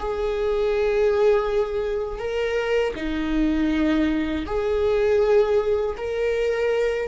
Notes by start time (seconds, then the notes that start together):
0.00 G#4
2.19 A#4
2.96 D#4
4.47 G#4
5.98 A#4